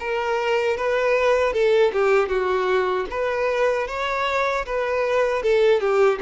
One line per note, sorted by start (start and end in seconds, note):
0.00 0.77 A#4
0.77 1.53 B4
1.53 1.92 A4
1.93 2.28 G4
2.28 3.06 F#4
3.10 3.88 B4
3.88 4.66 C#5
4.66 5.43 B4
5.43 5.80 A4
5.80 6.19 G4